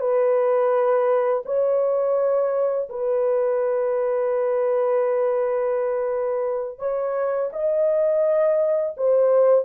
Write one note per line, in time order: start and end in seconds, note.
0.00 1.43 B4
1.45 2.88 C#5
2.89 6.78 B4
6.78 7.50 C#5
7.52 8.95 D#5
8.97 9.65 C5